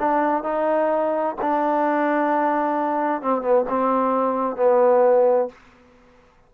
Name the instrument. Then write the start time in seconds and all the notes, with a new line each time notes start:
trombone
0.00 D4
0.44 D#4
1.42 D4
3.22 C4
3.42 B3
3.69 C4
4.57 B3